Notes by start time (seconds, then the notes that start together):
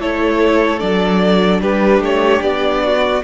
0.00 A3 E4 A4 C#5
0.80 F#3 D4 D5
1.62 G3 G4 B4
2.00 A3 C#5
2.42 B3 D5
2.84 F#4